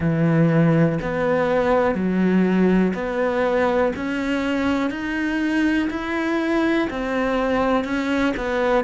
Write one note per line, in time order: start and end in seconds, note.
0.00 0.98 E3
1.01 1.94 B3
1.94 2.93 F#3
2.93 3.92 B3
3.96 4.90 C#4
4.90 5.88 D#4
5.90 6.88 E4
6.90 7.84 C4
7.84 8.33 C#4
8.37 8.84 B3